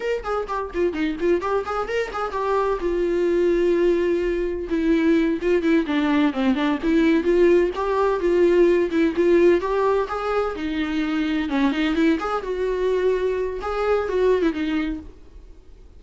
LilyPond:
\new Staff \with { instrumentName = "viola" } { \time 4/4 \tempo 4 = 128 ais'8 gis'8 g'8 f'8 dis'8 f'8 g'8 gis'8 | ais'8 gis'8 g'4 f'2~ | f'2 e'4. f'8 | e'8 d'4 c'8 d'8 e'4 f'8~ |
f'8 g'4 f'4. e'8 f'8~ | f'8 g'4 gis'4 dis'4.~ | dis'8 cis'8 dis'8 e'8 gis'8 fis'4.~ | fis'4 gis'4 fis'8. e'16 dis'4 | }